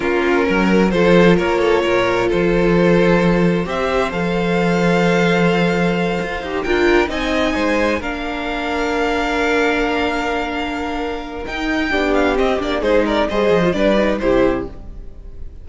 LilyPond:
<<
  \new Staff \with { instrumentName = "violin" } { \time 4/4 \tempo 4 = 131 ais'2 c''4 cis''4~ | cis''4 c''2. | e''4 f''2.~ | f''2~ f''8 g''4 gis''8~ |
gis''4. f''2~ f''8~ | f''1~ | f''4 g''4. f''8 dis''8 d''8 | c''8 d''8 dis''4 d''4 c''4 | }
  \new Staff \with { instrumentName = "violin" } { \time 4/4 f'4 ais'4 a'4 ais'8 a'8 | ais'4 a'2. | c''1~ | c''2~ c''8 ais'4 dis''8~ |
dis''8 c''4 ais'2~ ais'8~ | ais'1~ | ais'2 g'2 | gis'8 ais'8 c''4 b'4 g'4 | }
  \new Staff \with { instrumentName = "viola" } { \time 4/4 cis'2 f'2~ | f'1 | g'4 a'2.~ | a'2 g'8 f'4 dis'8~ |
dis'4. d'2~ d'8~ | d'1~ | d'4 dis'4 d'4 c'8 d'8 | dis'4 gis'8. f'16 d'8 dis'8 e'4 | }
  \new Staff \with { instrumentName = "cello" } { \time 4/4 ais4 fis4 f4 ais4 | ais,4 f2. | c'4 f2.~ | f4. f'8 dis'8 d'4 c'8~ |
c'8 gis4 ais2~ ais8~ | ais1~ | ais4 dis'4 b4 c'8 ais8 | gis4 g8 f8 g4 c4 | }
>>